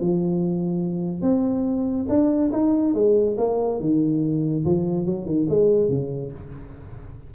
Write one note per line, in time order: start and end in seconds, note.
0.00 1.21 F3
1.21 2.06 C4
2.08 2.51 D4
2.52 2.93 D#4
2.93 3.36 G#3
3.37 3.80 A#3
3.80 4.64 D#3
4.64 5.05 F3
5.05 5.25 F#3
5.25 5.46 D#3
5.49 5.89 G#3
5.89 6.31 C#3